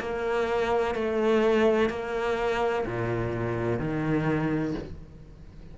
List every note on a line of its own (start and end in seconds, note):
0.00 0.95 A#3
0.95 1.90 A3
1.90 2.85 A#3
2.86 3.79 A#2
3.79 4.74 D#3